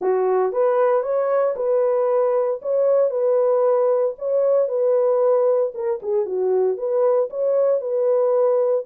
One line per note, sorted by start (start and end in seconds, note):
0.01 0.52 F#4
0.52 1.02 B4
1.02 1.55 C#5
1.56 2.60 B4
2.62 3.10 C#5
3.10 4.14 B4
4.18 4.68 C#5
4.68 5.72 B4
5.74 6.00 A#4
6.02 6.25 G#4
6.25 6.77 F#4
6.77 7.29 B4
7.29 7.80 C#5
7.80 8.85 B4